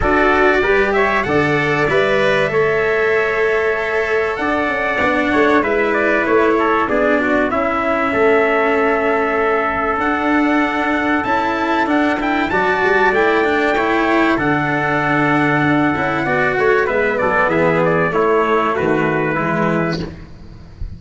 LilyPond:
<<
  \new Staff \with { instrumentName = "trumpet" } { \time 4/4 \tempo 4 = 96 d''4. e''8 fis''4 e''4~ | e''2. fis''4~ | fis''4 e''8 d''8 cis''4 d''4 | e''1 |
fis''2 a''4 fis''8 g''8 | a''4 g''2 fis''4~ | fis''2. e''8 d''8 | e''8 d''8 cis''4 b'2 | }
  \new Staff \with { instrumentName = "trumpet" } { \time 4/4 a'4 b'8 cis''8 d''2 | cis''2. d''4~ | d''8 cis''8 b'4. a'8 gis'8 fis'8 | e'4 a'2.~ |
a'1 | d''2 cis''4 a'4~ | a'2 d''8 cis''8 b'8 a'8 | gis'4 e'4 fis'4 e'4 | }
  \new Staff \with { instrumentName = "cello" } { \time 4/4 fis'4 g'4 a'4 b'4 | a'1 | d'4 e'2 d'4 | cis'1 |
d'2 e'4 d'8 e'8 | fis'4 e'8 d'8 e'4 d'4~ | d'4. e'8 fis'4 b4~ | b4 a2 gis4 | }
  \new Staff \with { instrumentName = "tuba" } { \time 4/4 d'4 g4 d4 g4 | a2. d'8 cis'8 | b8 a8 gis4 a4 b4 | cis'4 a2. |
d'2 cis'4 d'4 | fis8 g8 a2 d4~ | d4 d'8 cis'8 b8 a8 gis8 fis8 | e4 a4 dis4 e4 | }
>>